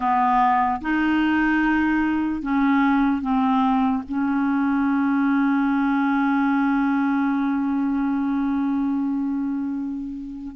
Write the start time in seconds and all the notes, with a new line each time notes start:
0.00 B3
0.81 D#4
2.42 C#4
3.21 C4
4.08 C#4